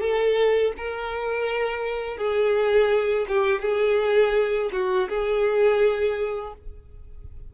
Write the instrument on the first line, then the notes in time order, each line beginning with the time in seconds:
violin
0.00 A4
0.77 A#4
2.17 G#4
3.28 G4
3.61 G#4
4.72 F#4
5.09 G#4